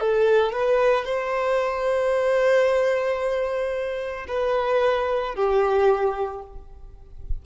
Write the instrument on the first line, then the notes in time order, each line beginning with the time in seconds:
violin
0.00 A4
0.53 B4
1.05 C5
4.28 B4
5.35 G4